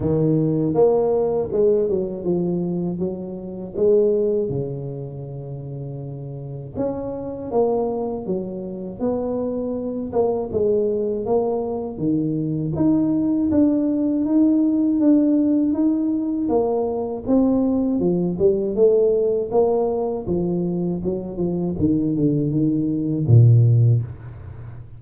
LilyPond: \new Staff \with { instrumentName = "tuba" } { \time 4/4 \tempo 4 = 80 dis4 ais4 gis8 fis8 f4 | fis4 gis4 cis2~ | cis4 cis'4 ais4 fis4 | b4. ais8 gis4 ais4 |
dis4 dis'4 d'4 dis'4 | d'4 dis'4 ais4 c'4 | f8 g8 a4 ais4 f4 | fis8 f8 dis8 d8 dis4 ais,4 | }